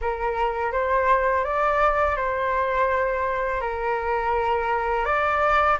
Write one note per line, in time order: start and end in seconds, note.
0.01 0.72 A#4
0.72 1.44 C5
1.44 2.16 D5
2.16 3.60 C5
3.60 5.05 A#4
5.05 5.77 D5